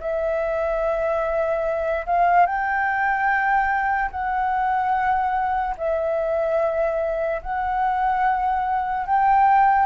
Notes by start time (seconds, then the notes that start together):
0.00 E5
2.06 F5
2.46 G5
4.11 F#5
5.77 E5
7.42 F#5
9.06 G5